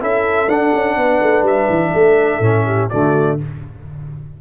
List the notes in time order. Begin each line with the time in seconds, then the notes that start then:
0.00 C#4 E4 A4 E5
0.48 D4 F#5
0.74 C#4
0.97 B3 B4
1.23 A3
1.42 G3 E5
1.70 E3
1.95 A3 A4
2.40 A2 C#4
2.65 G4
2.89 D3 A3 F#4 D5